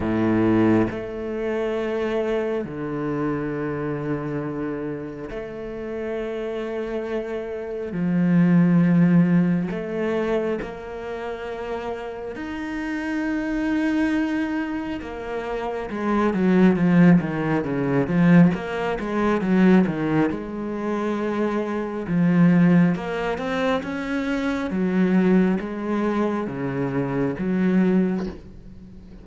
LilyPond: \new Staff \with { instrumentName = "cello" } { \time 4/4 \tempo 4 = 68 a,4 a2 d4~ | d2 a2~ | a4 f2 a4 | ais2 dis'2~ |
dis'4 ais4 gis8 fis8 f8 dis8 | cis8 f8 ais8 gis8 fis8 dis8 gis4~ | gis4 f4 ais8 c'8 cis'4 | fis4 gis4 cis4 fis4 | }